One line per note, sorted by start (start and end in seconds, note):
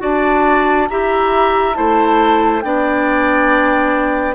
0.00 0.89 D4
0.00 0.87 F#4
0.00 0.89 D5
0.00 0.89 A5
0.89 1.78 E4
0.89 1.74 G4
0.89 1.77 E5
0.89 1.75 A#5
1.74 2.64 A3
1.74 2.61 E4
1.74 2.64 C5
1.74 2.61 A5
2.61 4.35 B3
2.61 4.35 D4
2.61 4.35 D5
2.61 4.35 G5